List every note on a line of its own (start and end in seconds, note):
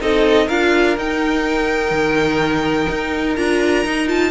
0.00 0.48 C4
0.00 0.48 D#4
0.00 0.46 A4
0.00 0.48 D#5
0.46 0.97 D4
0.46 0.97 F4
0.46 4.30 A#4
0.46 0.96 F5
0.97 1.91 D#4
0.97 3.37 D#4
0.97 3.35 G5
1.91 2.87 D#3
2.89 3.37 D#4
3.35 3.85 D4
3.35 3.85 F4
3.35 4.07 A#5
3.85 4.07 D#4
3.85 4.31 D#4
4.07 4.31 F4
4.07 4.31 A5